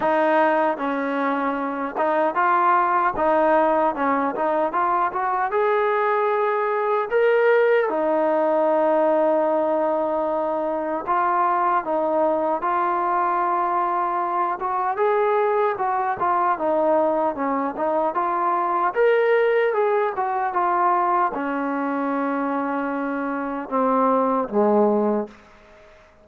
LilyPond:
\new Staff \with { instrumentName = "trombone" } { \time 4/4 \tempo 4 = 76 dis'4 cis'4. dis'8 f'4 | dis'4 cis'8 dis'8 f'8 fis'8 gis'4~ | gis'4 ais'4 dis'2~ | dis'2 f'4 dis'4 |
f'2~ f'8 fis'8 gis'4 | fis'8 f'8 dis'4 cis'8 dis'8 f'4 | ais'4 gis'8 fis'8 f'4 cis'4~ | cis'2 c'4 gis4 | }